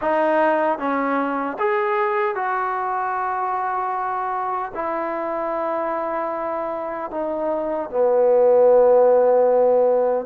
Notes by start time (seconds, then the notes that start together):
0.01 D#4
0.78 C#4
1.59 G#4
2.35 F#4
4.74 E4
7.11 D#4
7.89 B3